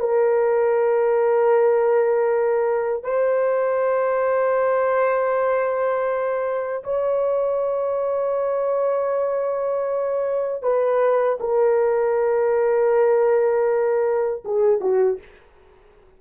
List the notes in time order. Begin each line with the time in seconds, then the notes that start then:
0.00 A#4
3.04 C5
6.84 C#5
10.63 B4
11.40 A#4
14.45 G#4
14.81 F#4